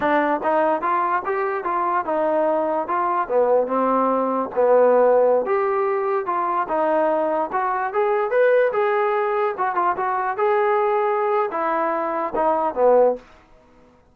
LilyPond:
\new Staff \with { instrumentName = "trombone" } { \time 4/4 \tempo 4 = 146 d'4 dis'4 f'4 g'4 | f'4 dis'2 f'4 | b4 c'2 b4~ | b4~ b16 g'2 f'8.~ |
f'16 dis'2 fis'4 gis'8.~ | gis'16 b'4 gis'2 fis'8 f'16~ | f'16 fis'4 gis'2~ gis'8. | e'2 dis'4 b4 | }